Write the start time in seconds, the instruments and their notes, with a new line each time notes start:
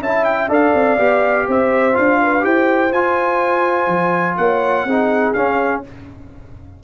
0.00 tuba C#4, trombone E4, horn E5, trumpet A5
0.24 trumpet G5
0.49 tuba D4, trombone A4, horn D5, trumpet F5
0.74 tuba C4
0.97 tuba B3, trombone G4
1.47 tuba C4, horn C5, trumpet E5
1.93 tuba D4, trombone F4, trumpet F5
2.21 horn B4
2.40 tuba E4, trombone G4, horn C5, trumpet G5
2.92 tuba F4, trombone F4, trumpet G#5
3.87 tuba F3
4.37 tuba A#3, horn C#5, trumpet F#5
4.85 tuba C4, trombone D#4, horn G#4
5.33 trombone C#4, tuba C#4, trumpet F5